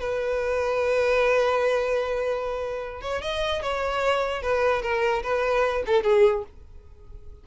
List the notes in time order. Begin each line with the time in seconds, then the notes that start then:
0.00 B4
3.02 C#5
3.22 D#5
3.62 C#5
4.43 B4
4.82 A#4
5.23 B4
5.86 A4
6.04 G#4